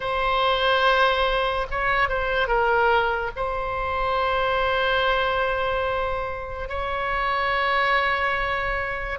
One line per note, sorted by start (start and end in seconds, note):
0.00 1.66 C5
1.70 2.08 C#5
2.08 2.47 C5
2.47 3.30 A#4
3.36 6.68 C5
6.68 9.18 C#5